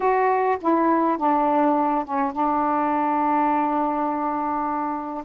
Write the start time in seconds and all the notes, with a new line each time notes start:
0.00 F#4
0.61 E4
1.17 D4
2.04 C#4
2.32 D4